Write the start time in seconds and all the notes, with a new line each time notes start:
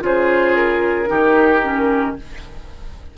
0.00 C#3 F4 G#4 C5
0.56 A#4
1.06 D#3 D#4 G4
1.63 C#4